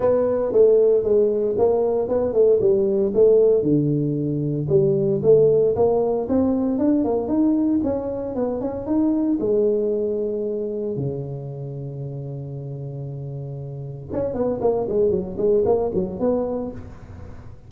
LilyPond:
\new Staff \with { instrumentName = "tuba" } { \time 4/4 \tempo 4 = 115 b4 a4 gis4 ais4 | b8 a8 g4 a4 d4~ | d4 g4 a4 ais4 | c'4 d'8 ais8 dis'4 cis'4 |
b8 cis'8 dis'4 gis2~ | gis4 cis2.~ | cis2. cis'8 b8 | ais8 gis8 fis8 gis8 ais8 fis8 b4 | }